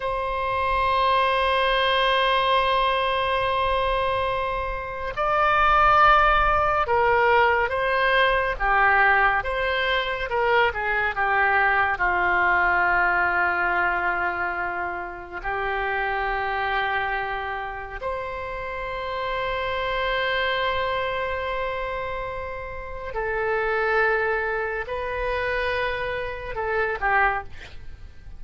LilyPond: \new Staff \with { instrumentName = "oboe" } { \time 4/4 \tempo 4 = 70 c''1~ | c''2 d''2 | ais'4 c''4 g'4 c''4 | ais'8 gis'8 g'4 f'2~ |
f'2 g'2~ | g'4 c''2.~ | c''2. a'4~ | a'4 b'2 a'8 g'8 | }